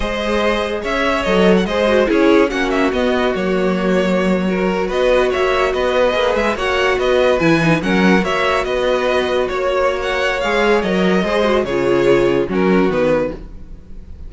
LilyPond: <<
  \new Staff \with { instrumentName = "violin" } { \time 4/4 \tempo 4 = 144 dis''2 e''4 dis''8. fis''16 | dis''4 cis''4 fis''8 e''8 dis''4 | cis''2.~ cis''8. dis''16~ | dis''8. e''4 dis''4. e''8 fis''16~ |
fis''8. dis''4 gis''4 fis''4 e''16~ | e''8. dis''2 cis''4~ cis''16 | fis''4 f''4 dis''2 | cis''2 ais'4 b'4 | }
  \new Staff \with { instrumentName = "violin" } { \time 4/4 c''2 cis''2 | c''4 gis'4 fis'2~ | fis'2~ fis'8. ais'4 b'16~ | b'8. cis''4 b'2 cis''16~ |
cis''8. b'2 ais'4 cis''16~ | cis''8. b'2 cis''4~ cis''16~ | cis''2. c''4 | gis'2 fis'2 | }
  \new Staff \with { instrumentName = "viola" } { \time 4/4 gis'2. a'4 | gis'8 fis'8 e'4 cis'4 b4 | ais2~ ais8. fis'4~ fis'16~ | fis'2~ fis'8. gis'4 fis'16~ |
fis'4.~ fis'16 e'8 dis'8 cis'4 fis'16~ | fis'1~ | fis'4 gis'4 ais'4 gis'8 fis'8 | f'2 cis'4 b4 | }
  \new Staff \with { instrumentName = "cello" } { \time 4/4 gis2 cis'4 fis4 | gis4 cis'4 ais4 b4 | fis2.~ fis8. b16~ | b8. ais4 b4 ais8 gis8 ais16~ |
ais8. b4 e4 fis4 ais16~ | ais8. b2 ais4~ ais16~ | ais4 gis4 fis4 gis4 | cis2 fis4 dis4 | }
>>